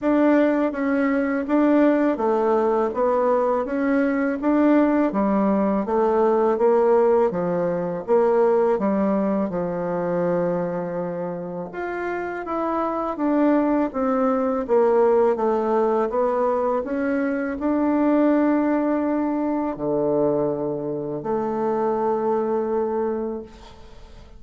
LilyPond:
\new Staff \with { instrumentName = "bassoon" } { \time 4/4 \tempo 4 = 82 d'4 cis'4 d'4 a4 | b4 cis'4 d'4 g4 | a4 ais4 f4 ais4 | g4 f2. |
f'4 e'4 d'4 c'4 | ais4 a4 b4 cis'4 | d'2. d4~ | d4 a2. | }